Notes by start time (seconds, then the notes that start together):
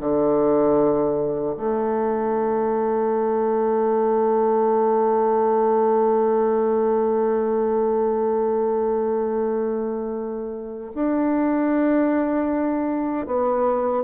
0.00 D3
1.57 A3
10.95 D4
13.26 B3